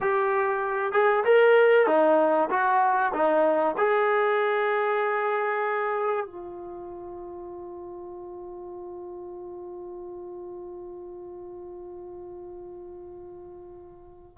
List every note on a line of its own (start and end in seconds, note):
0.01 0.92 G4
0.92 1.23 G#4
1.24 1.86 A#4
1.86 2.49 D#4
2.50 3.12 F#4
3.13 3.75 D#4
3.77 6.26 G#4
6.26 14.38 F4